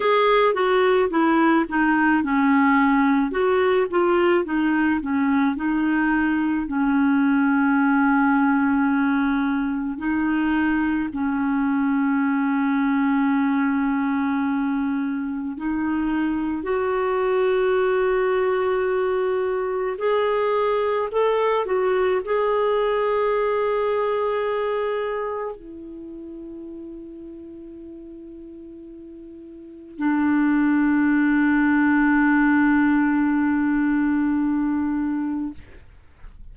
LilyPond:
\new Staff \with { instrumentName = "clarinet" } { \time 4/4 \tempo 4 = 54 gis'8 fis'8 e'8 dis'8 cis'4 fis'8 f'8 | dis'8 cis'8 dis'4 cis'2~ | cis'4 dis'4 cis'2~ | cis'2 dis'4 fis'4~ |
fis'2 gis'4 a'8 fis'8 | gis'2. e'4~ | e'2. d'4~ | d'1 | }